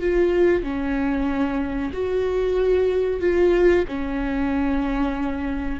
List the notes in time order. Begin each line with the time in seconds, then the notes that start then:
0.00 F4
0.63 C#4
1.93 F#4
3.21 F4
3.88 C#4